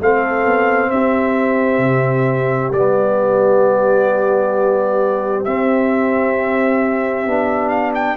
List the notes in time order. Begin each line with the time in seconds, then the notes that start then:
0.00 A3 C4 A4 F5
0.45 B3
0.91 C4 G4 E5
1.79 C3
2.72 G3 B3 D5
5.45 C4 E5
7.27 B3 D4
7.69 F5
7.95 G5